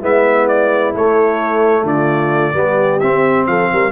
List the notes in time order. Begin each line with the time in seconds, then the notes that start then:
0.00 G#3 B3 E4 E5
0.48 D5
0.94 A3 C#5
1.83 D3 F4 D5
2.53 G3 B3 G4
3.00 C4 E5
3.46 F3 A4 F5
3.72 G3 A#4